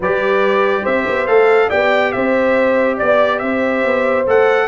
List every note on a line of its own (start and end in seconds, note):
0.00 0.83 G3
0.00 1.27 G4
0.00 0.82 B4
0.00 0.85 D5
0.82 1.07 C4
0.82 1.67 C5
0.82 1.27 E5
1.07 1.27 B3
1.27 1.70 A3
1.27 1.70 A4
1.27 1.69 F5
1.68 2.14 B3
1.68 4.25 G4
1.68 2.11 D5
1.68 2.11 G5
2.11 3.00 C4
2.11 2.97 C5
2.11 2.97 E5
2.97 3.41 B3
2.97 3.39 D5
2.97 3.38 D5
3.38 3.84 C4
3.38 4.67 C5
3.38 4.23 E5
3.84 4.26 B3
4.26 4.67 A3
4.26 4.67 A4
4.26 4.67 F#5